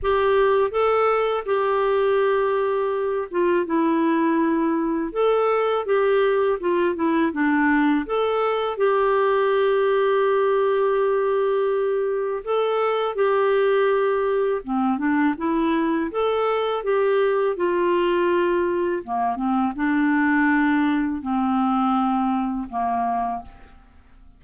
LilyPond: \new Staff \with { instrumentName = "clarinet" } { \time 4/4 \tempo 4 = 82 g'4 a'4 g'2~ | g'8 f'8 e'2 a'4 | g'4 f'8 e'8 d'4 a'4 | g'1~ |
g'4 a'4 g'2 | c'8 d'8 e'4 a'4 g'4 | f'2 ais8 c'8 d'4~ | d'4 c'2 ais4 | }